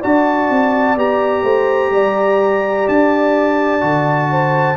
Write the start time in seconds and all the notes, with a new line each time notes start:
0.00 D4 F#4 D5 A5
0.50 C4
0.96 B3 G4 A#5
1.43 A3 C5
1.91 G3 D5
2.89 D4 A5
3.81 D3 F#4
4.31 C5